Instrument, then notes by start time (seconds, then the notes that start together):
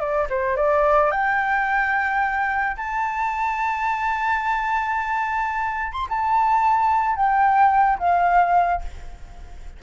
flute
0.00 D5
0.30 C5
0.56 D5
1.11 G5
2.77 A5
5.93 C6
6.09 A5
7.16 G5
7.99 F5